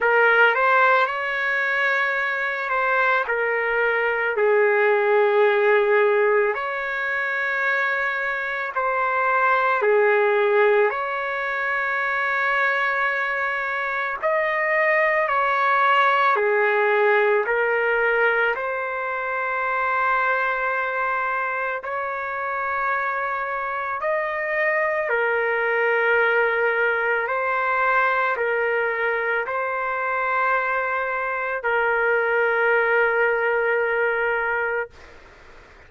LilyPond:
\new Staff \with { instrumentName = "trumpet" } { \time 4/4 \tempo 4 = 55 ais'8 c''8 cis''4. c''8 ais'4 | gis'2 cis''2 | c''4 gis'4 cis''2~ | cis''4 dis''4 cis''4 gis'4 |
ais'4 c''2. | cis''2 dis''4 ais'4~ | ais'4 c''4 ais'4 c''4~ | c''4 ais'2. | }